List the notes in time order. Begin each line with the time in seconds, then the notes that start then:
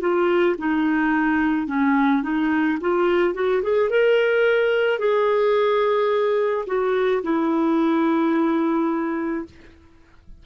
0.00 F4
0.58 D#4
1.67 C#4
2.23 D#4
2.81 F4
3.34 F#4
3.63 G#4
3.90 A#4
4.99 G#4
6.67 F#4
7.23 E4